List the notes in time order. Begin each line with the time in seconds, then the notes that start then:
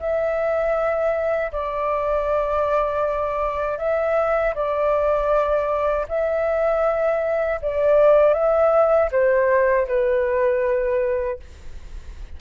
0.00 E5
1.53 D5
3.78 E5
4.55 D5
6.09 E5
7.62 D5
8.34 E5
9.12 C5
9.88 B4